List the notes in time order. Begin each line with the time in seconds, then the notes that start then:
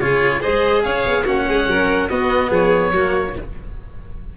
0.00 C#3 F4 G#4 C#5
0.40 G#3 G#4 C5 D#5
0.83 C#4 C#5 F5
1.06 B3
1.23 A#3 C#4 F#4 F#5
1.48 G#3 G#4
1.67 F#3 A#4
2.09 B3 F#4 D#5
2.49 F3 G#4 C#5
2.91 F#3 A#3 F#4